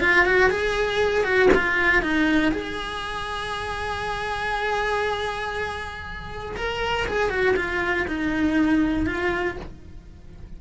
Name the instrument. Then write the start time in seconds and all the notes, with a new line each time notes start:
cello
0.00 F4
0.25 F#4
0.50 G#4
1.24 F#4
1.54 F4
2.02 D#4
2.52 G#4
6.56 A#4
7.07 G#4
7.30 F#4
7.56 F4
8.07 D#4
9.06 F4